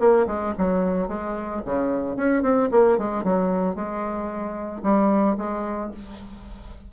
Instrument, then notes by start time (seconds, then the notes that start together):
bassoon
0.00 A#3
0.27 G#3
0.58 F#3
1.08 G#3
1.66 C#3
2.17 C#4
2.43 C4
2.72 A#3
2.98 G#3
3.24 F#3
3.75 G#3
4.83 G3
5.38 G#3